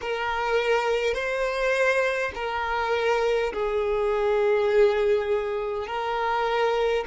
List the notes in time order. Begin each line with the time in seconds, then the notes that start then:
0.01 A#4
1.14 C5
2.35 A#4
3.53 G#4
5.87 A#4